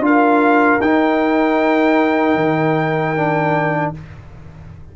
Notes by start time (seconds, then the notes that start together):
0.00 D4 F4 F5
0.06 A#4
0.81 D#4 G5
2.35 D#3
3.16 D4